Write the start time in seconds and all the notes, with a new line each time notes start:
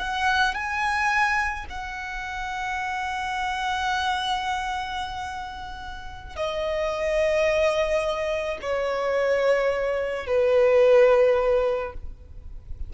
0.00 F#5
0.55 G#5
1.70 F#5
6.36 D#5
8.62 C#5
10.27 B4